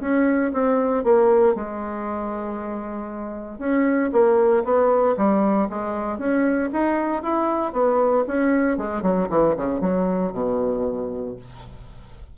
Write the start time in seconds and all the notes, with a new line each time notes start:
0.00 C#4
0.53 C4
1.03 A#3
1.55 G#3
3.59 C#4
4.12 A#3
4.64 B3
5.17 G3
5.69 G#3
6.18 C#4
6.72 D#4
7.22 E4
7.73 B3
8.27 C#4
8.77 G#3
9.02 F#3
9.29 E3
9.56 C#3
9.80 F#3
10.32 B2